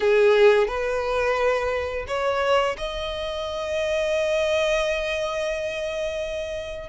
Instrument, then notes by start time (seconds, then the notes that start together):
violin
0.00 G#4
0.67 B4
2.07 C#5
2.77 D#5